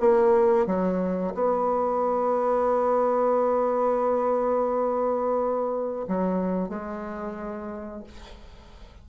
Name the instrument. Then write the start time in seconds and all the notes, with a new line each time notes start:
bassoon
0.00 A#3
0.66 F#3
1.35 B3
6.08 F#3
6.69 G#3